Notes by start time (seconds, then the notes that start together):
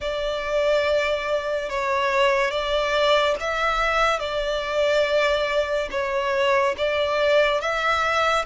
0.00 D5
1.69 C#5
2.50 D5
3.40 E5
4.19 D5
5.90 C#5
6.77 D5
7.60 E5